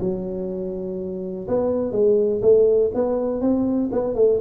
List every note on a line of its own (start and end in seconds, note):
0.00 1.48 F#3
1.48 1.92 B3
1.92 2.41 G#3
2.42 2.91 A3
2.94 3.41 B3
3.41 3.90 C4
3.92 4.15 B3
4.15 4.40 A3